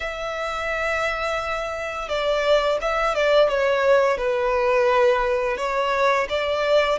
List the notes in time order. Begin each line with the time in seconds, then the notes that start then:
0.00 E5
2.08 D5
2.81 E5
3.14 D5
3.49 C#5
4.17 B4
5.57 C#5
6.29 D5